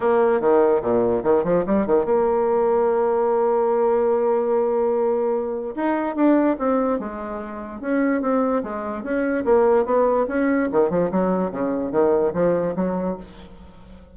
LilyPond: \new Staff \with { instrumentName = "bassoon" } { \time 4/4 \tempo 4 = 146 ais4 dis4 ais,4 dis8 f8 | g8 dis8 ais2.~ | ais1~ | ais2 dis'4 d'4 |
c'4 gis2 cis'4 | c'4 gis4 cis'4 ais4 | b4 cis'4 dis8 f8 fis4 | cis4 dis4 f4 fis4 | }